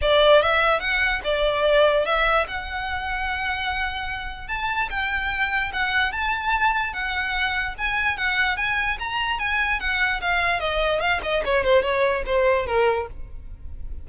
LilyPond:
\new Staff \with { instrumentName = "violin" } { \time 4/4 \tempo 4 = 147 d''4 e''4 fis''4 d''4~ | d''4 e''4 fis''2~ | fis''2. a''4 | g''2 fis''4 a''4~ |
a''4 fis''2 gis''4 | fis''4 gis''4 ais''4 gis''4 | fis''4 f''4 dis''4 f''8 dis''8 | cis''8 c''8 cis''4 c''4 ais'4 | }